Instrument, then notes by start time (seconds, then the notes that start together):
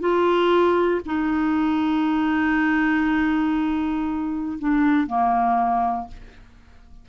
clarinet
0.00 F4
1.06 D#4
4.59 D4
5.07 A#3